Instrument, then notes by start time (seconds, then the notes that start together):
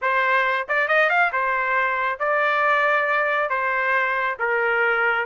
trumpet
0.01 C5
0.68 D5
0.88 D#5
1.09 F5
1.32 C5
2.19 D5
3.49 C5
4.39 A#4